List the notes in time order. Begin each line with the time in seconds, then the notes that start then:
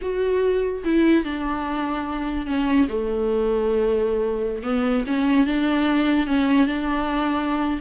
0.01 F#4
0.84 E4
1.24 D4
2.46 C#4
2.88 A3
4.63 B3
5.06 C#4
5.46 D4
6.26 C#4
6.66 D4